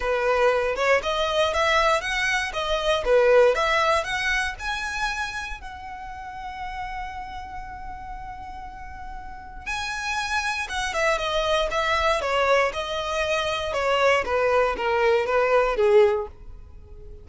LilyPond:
\new Staff \with { instrumentName = "violin" } { \time 4/4 \tempo 4 = 118 b'4. cis''8 dis''4 e''4 | fis''4 dis''4 b'4 e''4 | fis''4 gis''2 fis''4~ | fis''1~ |
fis''2. gis''4~ | gis''4 fis''8 e''8 dis''4 e''4 | cis''4 dis''2 cis''4 | b'4 ais'4 b'4 gis'4 | }